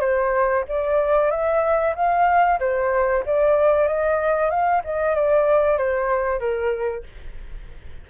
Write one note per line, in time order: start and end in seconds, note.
0.00 0.64 C5
0.68 1.30 D5
1.30 1.94 E5
1.95 2.59 F5
2.59 3.23 C5
3.26 3.87 D5
3.87 4.50 D#5
4.50 4.82 F5
4.84 5.15 D#5
5.15 5.77 D5
5.77 6.39 C5
6.39 7.03 A#4